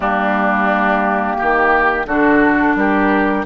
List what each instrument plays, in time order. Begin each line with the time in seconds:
0.00 bassoon G3, clarinet A#3, oboe D4, flute G4
1.37 bassoon D#3, oboe G4
2.06 bassoon D3, clarinet D4, oboe F#4, flute A4
2.75 bassoon G3, oboe G4, flute A#4